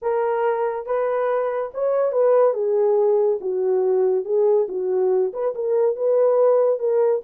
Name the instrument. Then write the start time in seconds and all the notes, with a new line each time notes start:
horn
0.02 A#4
0.85 B4
1.74 C#5
2.12 B4
2.53 G#4
3.40 F#4
4.24 G#4
4.68 F#4
5.33 B4
5.54 A#4
5.96 B4
6.79 A#4